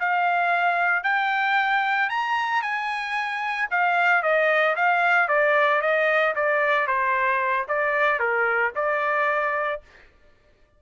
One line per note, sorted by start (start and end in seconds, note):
0.00 1.04 F5
1.04 2.10 G5
2.10 2.63 A#5
2.63 3.69 G#5
3.71 4.23 F5
4.23 4.76 D#5
4.76 5.29 F5
5.29 5.82 D5
5.82 6.35 D#5
6.36 6.87 D5
6.87 7.67 C5
7.68 8.20 D5
8.20 8.73 A#4
8.76 9.82 D5